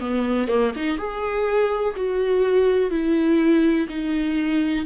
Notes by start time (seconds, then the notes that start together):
0.00 B3
0.47 A#3
0.75 D#4
0.98 G#4
1.96 F#4
2.90 E4
3.89 D#4